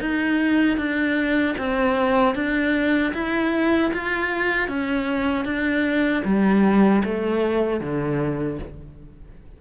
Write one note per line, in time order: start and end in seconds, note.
0.00 0.77 D#4
0.77 1.55 D4
1.57 2.35 C4
2.35 3.13 D4
3.13 3.91 E4
3.93 4.68 F4
4.68 5.45 C#4
5.45 6.23 D4
6.24 7.02 G3
7.04 7.80 A3
7.80 8.58 D3